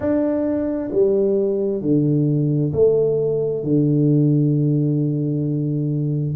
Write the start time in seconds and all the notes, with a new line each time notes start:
0.00 D4
0.91 G3
1.81 D3
2.72 A3
3.63 D3